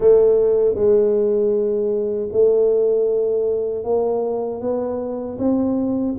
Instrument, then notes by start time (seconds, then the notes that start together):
tuba
0.00 A3
0.74 G#3
2.32 A3
3.84 A#3
4.60 B3
5.38 C4